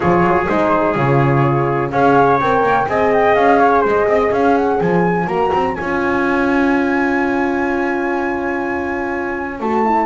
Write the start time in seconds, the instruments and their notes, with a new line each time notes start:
0.00 double bass F3, horn F4, trumpet G#4, flute C#5
0.23 double bass F#3
0.47 double bass G#3, horn D#4, flute C5
0.95 double bass C#3, horn F4, flute C#5
1.90 double bass C#4, horn G#4, trumpet C#5, flute F5
2.40 double bass C4, horn A#4, flute G5
2.62 double bass A#3
2.87 double bass C4, horn G#4, trumpet D#5, flute G#5
3.13 flute G5
3.34 double bass C#4, flute F5
3.59 trumpet C#5
3.81 double bass G#3, trumpet C5
3.87 flute D#5
4.06 double bass C4, trumpet D#5
4.31 double bass C#4, trumpet C#5, flute F5
4.57 flute F#5
4.80 double bass F3, flute G#5
5.26 double bass A#3, horn F#4, flute A#5
5.53 double bass C4
5.75 double bass C#4, horn F4, flute G#5
9.60 double bass A3, horn F#4, flute A5
9.84 horn E4